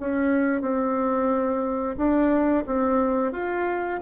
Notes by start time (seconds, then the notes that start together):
0.00 C#4
0.62 C4
1.97 D4
2.66 C4
3.32 F4